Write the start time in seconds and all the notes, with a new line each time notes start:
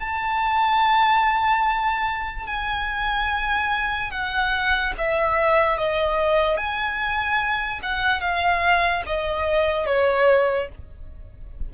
0.00 A5
2.47 G#5
4.11 F#5
4.98 E5
5.78 D#5
6.57 G#5
7.83 F#5
8.21 F5
9.06 D#5
9.86 C#5